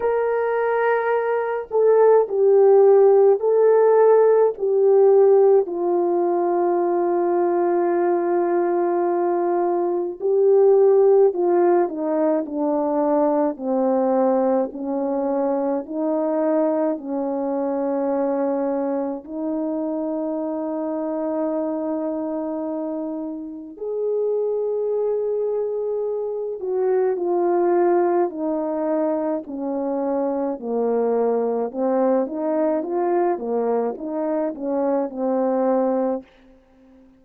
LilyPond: \new Staff \with { instrumentName = "horn" } { \time 4/4 \tempo 4 = 53 ais'4. a'8 g'4 a'4 | g'4 f'2.~ | f'4 g'4 f'8 dis'8 d'4 | c'4 cis'4 dis'4 cis'4~ |
cis'4 dis'2.~ | dis'4 gis'2~ gis'8 fis'8 | f'4 dis'4 cis'4 ais4 | c'8 dis'8 f'8 ais8 dis'8 cis'8 c'4 | }